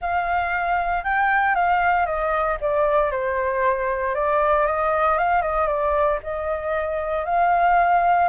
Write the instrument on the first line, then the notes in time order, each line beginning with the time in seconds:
flute
0.01 F5
1.04 G5
1.55 F5
2.05 D#5
2.60 D5
3.11 C5
4.14 D5
4.66 D#5
5.18 F5
5.42 D#5
5.67 D5
6.23 D#5
7.25 F5